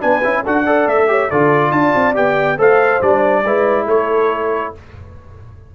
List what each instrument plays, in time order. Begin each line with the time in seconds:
0.00 tuba B3, trombone D4, horn B4, trumpet G#5
0.24 tuba C#4, trombone E4
0.43 tuba D4, trombone F#4, horn A4, trumpet F#5
0.65 trombone A4, horn D5
0.87 tuba A3, trumpet E5
1.07 trombone G4, horn C#5
1.30 tuba D3, trombone F4, horn A4, trumpet D5
1.71 tuba D4, horn D5, trumpet A5
1.95 tuba C4
2.14 tuba B3, trombone G4, trumpet G5
2.58 tuba A3, trombone A4, horn C5, trumpet F5
3.02 tuba G3, trombone D4, trumpet D5
3.45 tuba G#3, trombone E4, horn B4
3.86 tuba A3, horn A4, trumpet C#5